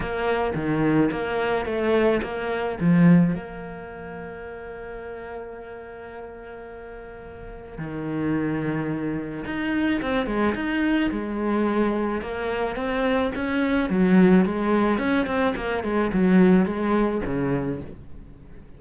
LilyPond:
\new Staff \with { instrumentName = "cello" } { \time 4/4 \tempo 4 = 108 ais4 dis4 ais4 a4 | ais4 f4 ais2~ | ais1~ | ais2 dis2~ |
dis4 dis'4 c'8 gis8 dis'4 | gis2 ais4 c'4 | cis'4 fis4 gis4 cis'8 c'8 | ais8 gis8 fis4 gis4 cis4 | }